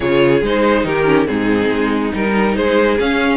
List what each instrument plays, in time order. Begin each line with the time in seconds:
0.00 cello C#3, viola F4, violin G#4 C#5
0.42 cello G#3, viola D#4, violin C5
0.84 cello D#3, violin G4 A#4
1.05 viola C#4
1.25 cello G#2, viola C4, violin D#4 G#4
1.69 cello G#3
2.13 cello G3, viola D#4, violin A#4
2.55 cello G#3, violin G#4 C5
2.99 viola C#4, cello C#4, violin F5